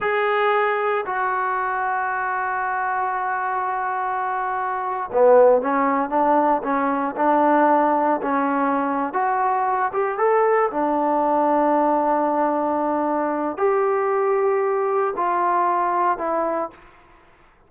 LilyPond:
\new Staff \with { instrumentName = "trombone" } { \time 4/4 \tempo 4 = 115 gis'2 fis'2~ | fis'1~ | fis'4.~ fis'16 b4 cis'4 d'16~ | d'8. cis'4 d'2 cis'16~ |
cis'4. fis'4. g'8 a'8~ | a'8 d'2.~ d'8~ | d'2 g'2~ | g'4 f'2 e'4 | }